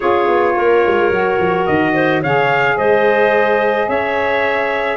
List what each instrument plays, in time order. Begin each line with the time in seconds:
0.00 tuba C#4, saxophone F4, clarinet G#4, trumpet C#5
0.28 tuba B3
0.55 tuba A#3, clarinet A#4
0.86 tuba G#3
1.09 tuba F#3, saxophone F#4
1.38 tuba F3
1.66 tuba D#3, trumpet D#5
1.93 clarinet C5
2.22 tuba C#3, saxophone G#4, clarinet C#5, trumpet F5
2.77 tuba G#3, clarinet C5, trumpet D#5
3.88 tuba C#4, clarinet C#5, trumpet E5